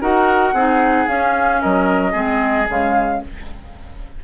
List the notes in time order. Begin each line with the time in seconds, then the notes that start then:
0.00 D#4 F#4 A#4 F#5
0.53 C4 D#4 G#4
1.07 C#4 F5
1.61 F#3 A#4 D#5
2.11 G#3 C4 G#4
2.67 C#3 G#3 F5